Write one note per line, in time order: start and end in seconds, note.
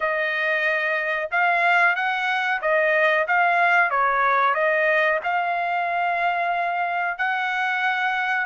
0.00 1.29 D#5
1.31 1.95 F5
1.95 2.61 F#5
2.61 3.26 D#5
3.27 3.90 F5
3.90 4.54 C#5
4.54 5.19 D#5
5.23 7.17 F5
7.17 8.46 F#5